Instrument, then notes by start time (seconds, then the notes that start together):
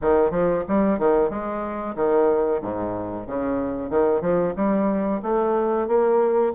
bassoon
0.01 D#3
0.31 F3
0.68 G3
0.98 D#3
1.30 G#3
1.95 D#3
2.61 G#2
3.26 C#3
3.90 D#3
4.21 F3
4.55 G3
5.22 A3
5.87 A#3